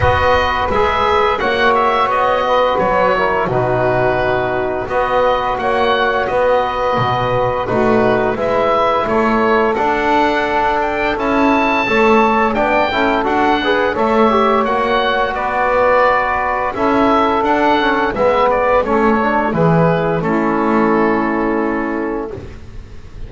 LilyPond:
<<
  \new Staff \with { instrumentName = "oboe" } { \time 4/4 \tempo 4 = 86 dis''4 e''4 fis''8 e''8 dis''4 | cis''4 b'2 dis''4 | fis''4 dis''2 b'4 | e''4 cis''4 fis''4. g''8 |
a''2 g''4 fis''4 | e''4 fis''4 d''2 | e''4 fis''4 e''8 d''8 cis''4 | b'4 a'2. | }
  \new Staff \with { instrumentName = "saxophone" } { \time 4/4 b'2 cis''4. b'8~ | b'8 ais'8 fis'2 b'4 | cis''4 b'2 fis'4 | b'4 a'2.~ |
a'4 cis''4 d''8 a'4 b'8 | cis''2 b'2 | a'2 b'4 a'4 | gis'4 e'2. | }
  \new Staff \with { instrumentName = "trombone" } { \time 4/4 fis'4 gis'4 fis'2~ | fis'8 e'8 dis'2 fis'4~ | fis'2. dis'4 | e'2 d'2 |
e'4 a'4 d'8 e'8 fis'8 gis'8 | a'8 g'8 fis'2. | e'4 d'8 cis'8 b4 cis'8 d'8 | e'4 cis'2. | }
  \new Staff \with { instrumentName = "double bass" } { \time 4/4 b4 gis4 ais4 b4 | fis4 b,2 b4 | ais4 b4 b,4 a4 | gis4 a4 d'2 |
cis'4 a4 b8 cis'8 d'4 | a4 ais4 b2 | cis'4 d'4 gis4 a4 | e4 a2. | }
>>